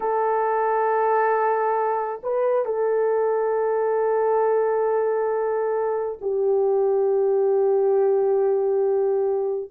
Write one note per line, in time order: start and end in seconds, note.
0.00 2.21 A4
2.23 2.65 B4
2.65 6.18 A4
6.21 9.70 G4